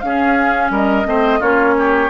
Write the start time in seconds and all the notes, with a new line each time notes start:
0.00 C#4 G#4 F5
0.70 G3 A#4 D#5
1.05 A3 C4 C5
1.40 A#3 C#4 F4 C#5
1.78 G4